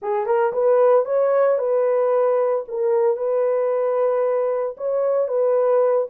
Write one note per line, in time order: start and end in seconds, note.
0.02 0.25 G#4
0.25 0.52 A#4
0.52 1.05 B4
1.05 1.58 C#5
1.58 2.64 B4
2.68 3.16 A#4
3.16 4.75 B4
4.77 5.28 C#5
5.28 6.07 B4